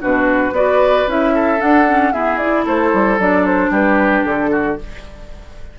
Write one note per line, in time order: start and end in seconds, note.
0.00 0.51 B2
0.00 0.53 D4
0.00 0.54 F#4
0.00 0.55 B4
0.51 1.04 B3
0.51 1.07 F#4
0.51 1.34 B4
0.51 1.08 D5
1.07 1.60 C#4
1.07 1.58 E4
1.07 1.61 E5
1.34 2.13 A4
1.58 1.84 D4
1.58 2.13 D4
1.58 2.12 F#5
1.88 2.13 C#4
2.12 2.40 B3
2.12 2.66 E4
2.12 2.65 G#4
2.12 2.37 E5
2.37 3.19 E4
2.37 2.64 D5
2.65 2.93 A3
2.65 3.70 A4
2.65 3.20 C5
2.93 3.18 G3
3.18 3.70 F#3
3.18 4.79 D4
3.18 3.46 D5
3.46 3.72 C5
3.70 4.23 G3
3.70 4.50 G4
3.70 4.25 B4
4.25 4.78 D3
4.25 4.78 A4
4.51 4.77 F#4